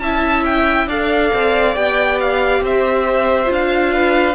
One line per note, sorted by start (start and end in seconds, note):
0.00 0.87 C#4
0.00 0.90 E4
0.00 0.88 E5
0.00 0.44 A5
0.45 0.89 G5
0.87 1.31 D4
0.87 1.75 A4
0.87 2.62 D5
0.87 1.76 F5
1.34 1.77 C4
1.75 2.61 B3
1.75 3.46 G4
1.75 2.19 G5
2.20 2.63 F5
2.61 3.48 C4
2.61 3.93 C5
2.61 3.53 E5
3.46 4.35 D4
3.46 4.33 F4
3.53 4.35 F5
3.93 4.35 B4